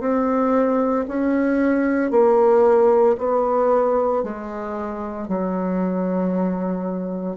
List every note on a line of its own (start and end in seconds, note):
0.00 1.05 C4
1.08 2.11 C#4
2.11 3.16 A#3
3.18 4.23 B3
4.23 5.28 G#3
5.28 7.36 F#3